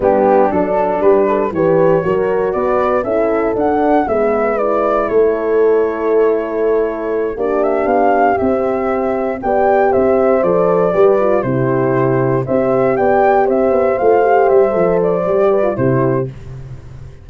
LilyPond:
<<
  \new Staff \with { instrumentName = "flute" } { \time 4/4 \tempo 4 = 118 g'4 a'4 b'4 cis''4~ | cis''4 d''4 e''4 fis''4 | e''4 d''4 cis''2~ | cis''2~ cis''8 d''8 e''8 f''8~ |
f''8 e''2 g''4 e''8~ | e''8 d''2 c''4.~ | c''8 e''4 g''4 e''4 f''8~ | f''8 e''4 d''4. c''4 | }
  \new Staff \with { instrumentName = "horn" } { \time 4/4 d'2 g'8 a'8 b'4 | ais'4 b'4 a'2 | b'2 a'2~ | a'2~ a'8 g'4.~ |
g'2~ g'8 d''4 c''8~ | c''4. b'4 g'4.~ | g'8 c''4 d''4 c''4.~ | c''2~ c''8 b'8 g'4 | }
  \new Staff \with { instrumentName = "horn" } { \time 4/4 b4 d'2 g'4 | fis'2 e'4 d'4 | b4 e'2.~ | e'2~ e'8 d'4.~ |
d'8 c'2 g'4.~ | g'8 a'4 g'8 f'8 e'4.~ | e'8 g'2. f'8 | g'4 a'4 g'8. f'16 e'4 | }
  \new Staff \with { instrumentName = "tuba" } { \time 4/4 g4 fis4 g4 e4 | fis4 b4 cis'4 d'4 | gis2 a2~ | a2~ a8 ais4 b8~ |
b8 c'2 b4 c'8~ | c'8 f4 g4 c4.~ | c8 c'4 b4 c'8 b8 a8~ | a8 g8 f4 g4 c4 | }
>>